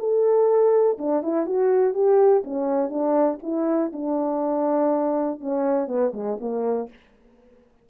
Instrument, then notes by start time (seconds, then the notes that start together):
horn
0.00 A4
0.99 D4
1.23 E4
1.47 F#4
1.94 G4
2.45 C#4
2.90 D4
3.43 E4
3.93 D4
5.41 C#4
5.88 B3
6.14 G#3
6.41 A#3